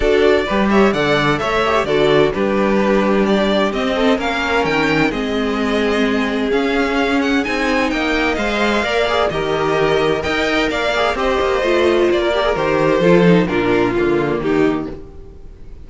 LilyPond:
<<
  \new Staff \with { instrumentName = "violin" } { \time 4/4 \tempo 4 = 129 d''4. e''8 fis''4 e''4 | d''4 b'2 d''4 | dis''4 f''4 g''4 dis''4~ | dis''2 f''4. fis''8 |
gis''4 g''4 f''2 | dis''2 g''4 f''4 | dis''2 d''4 c''4~ | c''4 ais'4 f'4 g'4 | }
  \new Staff \with { instrumentName = "violin" } { \time 4/4 a'4 b'8 cis''8 d''4 cis''4 | a'4 g'2.~ | g'8 a'8 ais'2 gis'4~ | gis'1~ |
gis'4 dis''2 d''4 | ais'2 dis''4 d''4 | c''2~ c''16 ais'4.~ ais'16 | a'4 f'2 dis'4 | }
  \new Staff \with { instrumentName = "viola" } { \time 4/4 fis'4 g'4 a'4. g'8 | fis'4 d'2. | c'4 cis'2 c'4~ | c'2 cis'2 |
dis'2 c''4 ais'8 gis'8 | g'2 ais'4. gis'8 | g'4 f'4. g'16 gis'16 g'4 | f'8 dis'8 d'4 ais2 | }
  \new Staff \with { instrumentName = "cello" } { \time 4/4 d'4 g4 d4 a4 | d4 g2. | c'4 ais4 dis4 gis4~ | gis2 cis'2 |
c'4 ais4 gis4 ais4 | dis2 dis'4 ais4 | c'8 ais8 a4 ais4 dis4 | f4 ais,4 d4 dis4 | }
>>